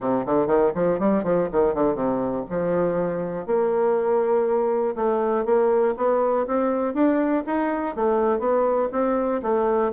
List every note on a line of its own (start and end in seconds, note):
0.00 0.25 C3
0.25 0.47 D3
0.47 0.71 D#3
0.75 0.99 F3
0.99 1.23 G3
1.23 1.48 F3
1.52 1.74 D#3
1.74 1.95 D3
1.95 2.44 C3
2.49 3.46 F3
3.46 4.95 A#3
4.95 5.45 A3
5.45 5.94 A#3
5.96 6.46 B3
6.46 6.94 C4
6.94 7.43 D4
7.46 7.95 D#4
7.95 8.39 A3
8.39 8.88 B3
8.91 9.41 C4
9.42 9.92 A3